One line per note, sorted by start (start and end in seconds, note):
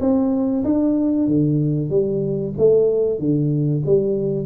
0.00 0.64 C4
0.64 1.27 D4
1.27 1.90 D3
1.90 2.54 G3
2.58 3.19 A3
3.19 3.83 D3
3.86 4.46 G3